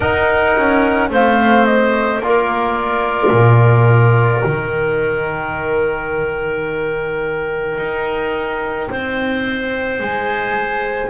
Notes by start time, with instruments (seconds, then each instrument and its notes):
0.00 trombone D#4, double bass D#4, clarinet A#4, flute F#5
0.56 double bass C#4
1.09 double bass A3, trombone C4, clarinet C5, flute F5
1.65 flute D#5
2.19 double bass A#3, trombone F4, flute D5
2.25 clarinet A#4
3.31 double bass A#2
4.44 double bass D#3, trombone D#4, flute G5
7.78 double bass D#4
8.91 double bass C4, clarinet C5
9.99 double bass G#3, flute G#5